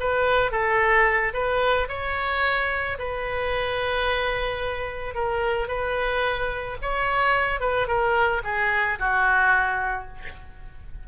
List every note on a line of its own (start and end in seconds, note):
0.00 0.52 B4
0.52 1.33 A4
1.33 1.88 B4
1.89 2.98 C#5
2.99 5.15 B4
5.15 5.68 A#4
5.68 6.77 B4
6.82 7.60 C#5
7.60 7.88 B4
7.88 8.42 A#4
8.44 8.99 G#4
8.99 10.08 F#4